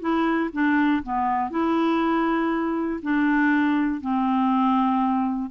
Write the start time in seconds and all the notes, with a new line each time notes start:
0.00 E4
0.53 D4
1.03 B3
1.50 E4
3.02 D4
4.01 C4